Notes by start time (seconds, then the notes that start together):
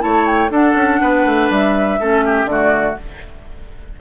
0.00 A3 E4 C#5 A5
0.27 G5
0.50 D4 A4 F#5
0.76 C#4
1.02 B3 B4
1.26 A3
1.50 G3 E5
2.00 A3 C#4 A4
2.25 G4
2.45 D3 A3 D5
2.52 F#4